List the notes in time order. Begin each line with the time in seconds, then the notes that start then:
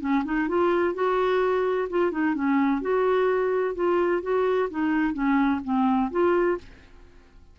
0.00 C#4
0.25 D#4
0.48 F4
0.94 F#4
1.90 F4
2.11 D#4
2.35 C#4
2.81 F#4
3.75 F4
4.22 F#4
4.70 D#4
5.13 C#4
5.64 C4
6.11 F4